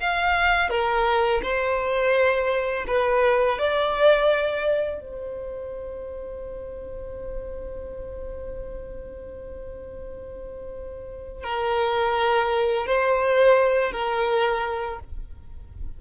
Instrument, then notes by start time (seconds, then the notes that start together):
violin
0.00 F5
0.69 A#4
1.42 C5
2.87 B4
3.58 D5
5.01 C5
11.43 A#4
12.86 C5
13.92 A#4